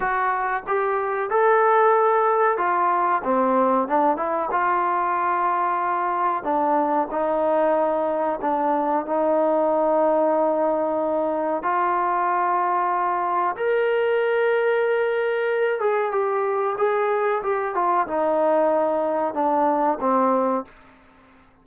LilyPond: \new Staff \with { instrumentName = "trombone" } { \time 4/4 \tempo 4 = 93 fis'4 g'4 a'2 | f'4 c'4 d'8 e'8 f'4~ | f'2 d'4 dis'4~ | dis'4 d'4 dis'2~ |
dis'2 f'2~ | f'4 ais'2.~ | ais'8 gis'8 g'4 gis'4 g'8 f'8 | dis'2 d'4 c'4 | }